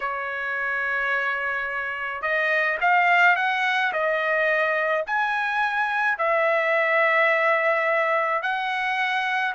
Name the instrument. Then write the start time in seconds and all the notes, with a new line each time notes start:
trumpet
0.00 C#5
2.21 D#5
2.80 F5
3.36 F#5
3.93 D#5
5.06 G#5
6.18 E5
8.42 F#5